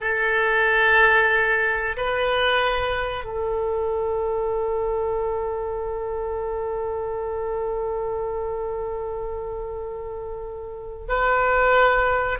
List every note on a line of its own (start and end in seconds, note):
0.01 1.96 A4
1.96 3.24 B4
3.24 11.07 A4
11.08 12.39 B4